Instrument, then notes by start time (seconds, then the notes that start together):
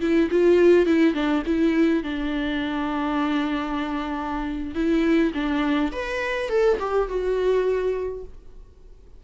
viola
0.00 E4
0.30 F4
0.85 E4
1.14 D4
1.46 E4
2.03 D4
4.74 E4
5.34 D4
5.92 B4
6.49 A4
6.79 G4
7.08 F#4